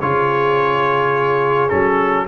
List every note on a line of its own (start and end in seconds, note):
0.00 1.71 C#3
0.00 1.70 F4
0.00 2.27 G#4
0.00 1.69 C#5
1.69 2.27 F#3
1.69 2.26 C#4
1.69 2.26 A4